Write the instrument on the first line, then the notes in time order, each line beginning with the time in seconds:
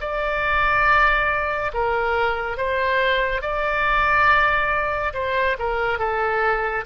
oboe
0.00 D5
1.73 A#4
2.57 C5
3.41 D5
5.14 C5
5.59 A#4
5.99 A4